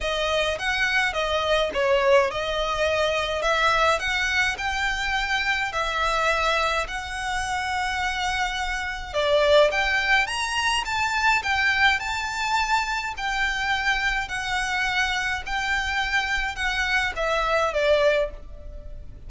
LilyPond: \new Staff \with { instrumentName = "violin" } { \time 4/4 \tempo 4 = 105 dis''4 fis''4 dis''4 cis''4 | dis''2 e''4 fis''4 | g''2 e''2 | fis''1 |
d''4 g''4 ais''4 a''4 | g''4 a''2 g''4~ | g''4 fis''2 g''4~ | g''4 fis''4 e''4 d''4 | }